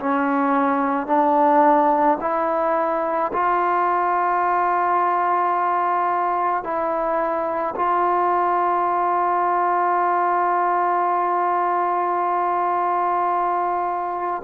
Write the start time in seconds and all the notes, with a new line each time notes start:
0.00 C#4
1.08 D4
2.21 E4
3.33 F4
6.64 E4
7.76 F4